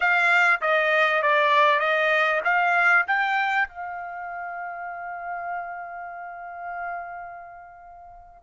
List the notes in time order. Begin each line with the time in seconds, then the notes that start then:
0.00 F5
0.61 D#5
1.22 D5
1.79 D#5
2.44 F5
3.07 G5
3.68 F5